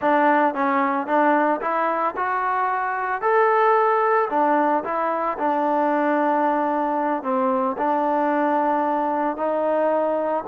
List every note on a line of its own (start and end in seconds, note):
0.01 0.54 D4
0.54 1.07 C#4
1.07 1.60 D4
1.61 2.15 E4
2.16 3.21 F#4
3.21 4.29 A4
4.30 4.83 D4
4.84 5.37 E4
5.38 7.22 D4
7.22 7.76 C4
7.77 9.36 D4
9.36 10.43 D#4